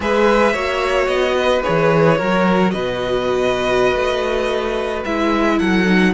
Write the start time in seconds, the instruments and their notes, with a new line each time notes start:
0.00 cello G#3, viola G#4, violin B4 E5
0.53 cello A#3, viola F#4, violin C#5
1.07 cello B3, violin D#5
1.38 violin B4
1.63 cello E3, viola G#4, violin C#5
2.17 cello F#3, viola F#4, violin A#4
2.70 cello B2, violin B4 D#5
3.95 cello A3
5.04 cello G#3, viola E4, violin E5
5.58 cello F#3, violin A4 F#5
5.85 viola D#4